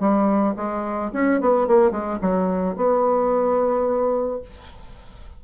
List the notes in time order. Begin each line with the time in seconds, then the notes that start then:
0.00 G3
0.57 G#3
1.13 C#4
1.41 B3
1.68 A#3
1.91 G#3
2.22 F#3
2.76 B3